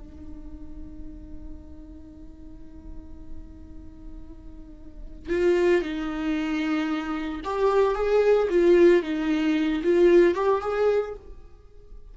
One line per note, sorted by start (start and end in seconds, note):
0.00 5.30 D#4
5.30 5.82 F4
5.82 7.41 D#4
7.45 7.96 G4
7.96 8.49 G#4
8.50 9.03 F4
9.03 9.83 D#4
9.84 10.35 F4
10.35 10.62 G4
10.62 11.15 G#4